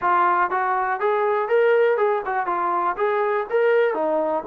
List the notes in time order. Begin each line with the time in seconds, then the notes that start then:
0.01 F4
0.50 F#4
0.99 G#4
1.48 A#4
1.97 G#4
2.25 F#4
2.46 F4
2.97 G#4
3.50 A#4
3.94 D#4